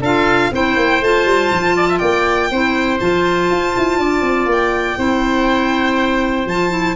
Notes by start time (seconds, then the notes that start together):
0.00 D4 F4 A4 F5
0.52 C4 E4 C5 G5
0.77 A#3
1.01 A3 F4 A5
1.26 G3
1.52 F3
1.77 D5
1.89 E5
1.99 A#3 D5 G5
2.51 C4 E4 C5
3.00 F3 F4 A5
3.51 F4
3.77 E4
3.98 D4 D5
4.22 C4
4.46 A#3 G5
4.98 C4 E4 C5
6.46 F3 F4 A5
6.70 E4